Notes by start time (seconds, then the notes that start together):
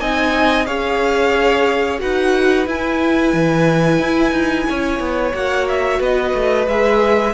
0.00 C4 D#4 D#5 G#5
0.66 C#4 G#4 C#5 F5
1.98 D#4 F#4 B4 F#5
2.66 E4 G#5
3.34 E3
3.99 E4
4.32 D#4
4.69 C#4 C#5
5.00 B3
5.34 A#3 F#4 F#5
5.69 E5
6.00 B3 B4 D#5
6.34 A3
6.67 G#3 G#4 E5